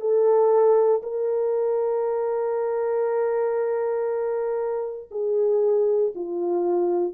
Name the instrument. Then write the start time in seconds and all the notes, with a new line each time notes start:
horn
0.00 A4
1.03 A#4
5.11 G#4
6.15 F4